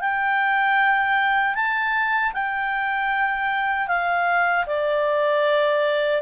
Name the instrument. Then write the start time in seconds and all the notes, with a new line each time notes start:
clarinet
0.00 G5
1.54 A5
2.33 G5
3.87 F5
4.66 D5